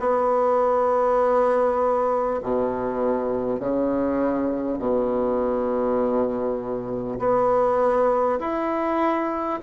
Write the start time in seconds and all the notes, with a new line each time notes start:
0.00 B3
2.42 B2
3.60 C#3
4.78 B2
7.19 B3
8.39 E4